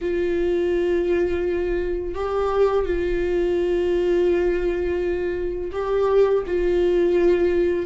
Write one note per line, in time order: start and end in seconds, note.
0.01 2.14 F4
2.14 2.85 G4
2.85 5.71 F4
5.71 6.43 G4
6.46 7.86 F4